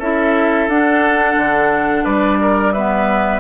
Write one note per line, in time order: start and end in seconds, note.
0.00 0.68 C#4
0.00 0.70 E4
0.00 2.04 A4
0.00 0.70 E5
0.68 1.36 D4
0.68 2.75 D4
0.68 2.05 F#5
1.37 2.05 D3
2.04 3.40 G3
2.04 2.38 B4
2.04 2.73 D5
2.41 2.74 A#4
2.73 3.40 B3
2.73 3.40 B4
2.73 3.40 E5